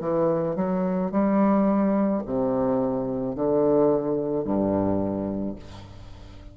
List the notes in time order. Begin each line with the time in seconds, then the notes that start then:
0.00 E3
0.56 F#3
1.11 G3
2.25 C3
3.35 D3
4.44 G2